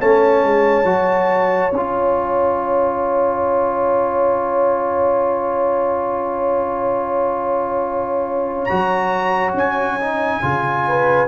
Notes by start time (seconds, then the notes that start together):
0.00 A3 C#4 C#5 A5
0.45 G#3
0.84 F#3 F#4
1.73 C#4 F4 G#5
8.65 F#3 F#4 A#5
9.54 C#4 G#5
10.01 D#4
10.43 C#3 F4
10.88 B4